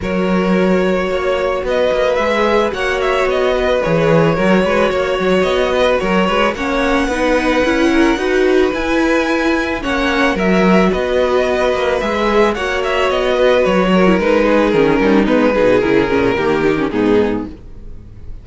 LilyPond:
<<
  \new Staff \with { instrumentName = "violin" } { \time 4/4 \tempo 4 = 110 cis''2. dis''4 | e''4 fis''8 e''8 dis''4 cis''4~ | cis''2 dis''4 cis''4 | fis''1 |
gis''2 fis''4 e''4 | dis''2 e''4 fis''8 e''8 | dis''4 cis''4 b'4 ais'4 | b'4 ais'2 gis'4 | }
  \new Staff \with { instrumentName = "violin" } { \time 4/4 ais'2 cis''4 b'4~ | b'4 cis''4. b'4. | ais'8 b'8 cis''4. b'8 ais'8 b'8 | cis''4 b'4. ais'8 b'4~ |
b'2 cis''4 ais'4 | b'2. cis''4~ | cis''8 b'4 ais'4 gis'4 dis'8~ | dis'8 gis'4. g'4 dis'4 | }
  \new Staff \with { instrumentName = "viola" } { \time 4/4 fis'1 | gis'4 fis'2 gis'4 | fis'1 | cis'4 dis'4 e'4 fis'4 |
e'2 cis'4 fis'4~ | fis'2 gis'4 fis'4~ | fis'4.~ fis'16 e'16 dis'4 cis'4 | b8 dis'8 e'8 cis'8 ais8 dis'16 cis'16 b4 | }
  \new Staff \with { instrumentName = "cello" } { \time 4/4 fis2 ais4 b8 ais8 | gis4 ais4 b4 e4 | fis8 gis8 ais8 fis8 b4 fis8 gis8 | ais4 b4 cis'4 dis'4 |
e'2 ais4 fis4 | b4. ais8 gis4 ais4 | b4 fis4 gis4 dis8 g8 | gis8 b,8 cis8 ais,8 dis4 gis,4 | }
>>